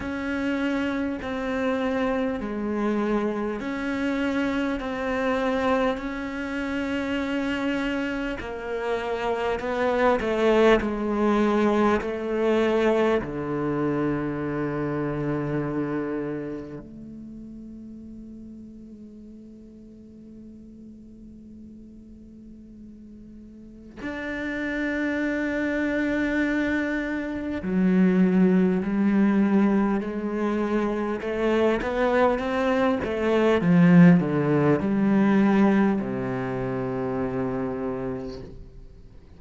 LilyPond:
\new Staff \with { instrumentName = "cello" } { \time 4/4 \tempo 4 = 50 cis'4 c'4 gis4 cis'4 | c'4 cis'2 ais4 | b8 a8 gis4 a4 d4~ | d2 a2~ |
a1 | d'2. fis4 | g4 gis4 a8 b8 c'8 a8 | f8 d8 g4 c2 | }